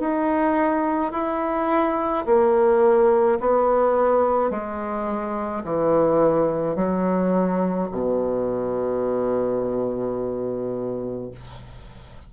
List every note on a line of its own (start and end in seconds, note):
0.00 1.13 D#4
1.13 2.26 E4
2.26 3.39 A#3
3.41 4.51 B3
4.51 5.64 G#3
5.64 6.76 E3
6.76 7.89 F#3
7.92 11.32 B2